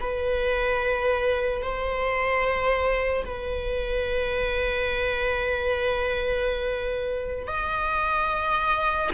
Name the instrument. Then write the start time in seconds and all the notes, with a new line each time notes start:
viola
0.00 B4
1.62 C5
3.25 B4
7.47 D#5